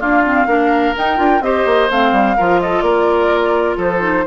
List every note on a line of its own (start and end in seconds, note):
0.00 0.24 A#3
0.00 0.47 D4
0.00 0.47 F4
0.00 0.95 F5
0.25 0.48 C4
0.47 0.94 A#3
0.47 0.95 D4
0.47 1.44 A#4
0.96 1.17 D#4
0.96 1.19 D#4
0.96 1.43 G5
1.17 1.41 D4
1.17 1.40 F4
1.41 1.64 C4
1.41 1.90 G4
1.41 2.37 C5
1.41 1.90 D#5
1.66 1.89 A#3
1.90 2.12 A3
1.90 2.37 C4
1.90 2.61 F5
2.12 2.36 G3
2.37 2.82 F3
2.37 4.01 F4
2.37 2.61 A#4
2.61 2.84 A4
2.61 2.81 D#5
2.81 3.76 A#3
2.81 3.77 A#4
2.81 3.76 D5
3.77 4.25 F3
3.77 4.25 A4
3.77 4.27 C5
4.01 4.24 D#4